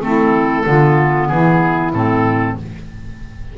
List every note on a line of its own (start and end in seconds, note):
0.00 0.64 A3
0.00 0.64 C4
0.00 0.64 E4
0.00 1.28 A4
0.64 1.30 D3
0.64 1.92 B3
0.64 1.28 F4
1.28 1.93 E3
1.28 2.57 E4
1.28 1.92 G#4
1.93 2.57 A2
1.93 2.57 C4
1.93 2.57 A4